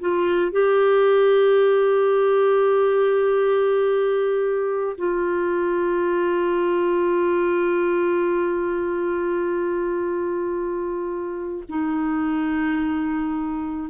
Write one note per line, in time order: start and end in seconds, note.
0.00 0.52 F4
0.52 4.96 G4
4.97 11.64 F4
11.69 13.90 D#4